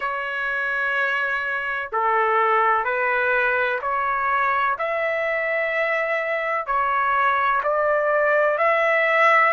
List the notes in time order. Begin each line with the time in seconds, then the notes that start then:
0.00 C#5
1.91 A4
2.84 B4
3.81 C#5
4.78 E5
6.66 C#5
7.63 D5
8.58 E5